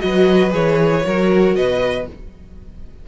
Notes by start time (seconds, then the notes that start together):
0.00 F#3 F#4 B4 D#5
0.51 E3 G#4 C#5
1.03 F#3 F#4 A#4
1.56 B2 B4 D#5